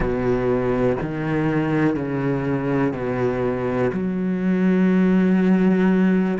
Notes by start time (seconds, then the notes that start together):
0.00 B2
1.01 D#3
1.95 C#3
2.92 B2
3.92 F#3